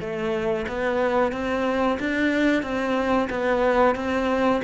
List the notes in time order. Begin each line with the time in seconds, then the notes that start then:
0.00 A3
0.68 B3
1.32 C4
2.00 D4
2.63 C4
3.30 B3
3.95 C4